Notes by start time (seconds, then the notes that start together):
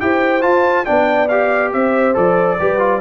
0.00 E4 G4 C5 G5
0.42 F4 A5
0.85 B3 D4 D5 G5
1.29 G4 F5
1.73 C4 C5 E5
2.14 F3 A4 D5
2.60 G3 G4 B4
2.79 F4